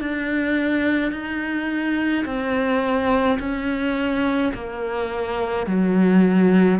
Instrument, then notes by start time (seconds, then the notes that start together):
cello
0.00 D4
1.12 D#4
2.25 C4
3.39 C#4
4.54 A#3
5.67 F#3